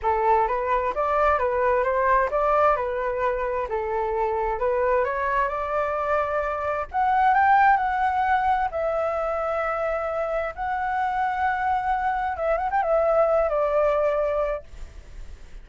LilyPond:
\new Staff \with { instrumentName = "flute" } { \time 4/4 \tempo 4 = 131 a'4 b'4 d''4 b'4 | c''4 d''4 b'2 | a'2 b'4 cis''4 | d''2. fis''4 |
g''4 fis''2 e''4~ | e''2. fis''4~ | fis''2. e''8 fis''16 g''16 | e''4. d''2~ d''8 | }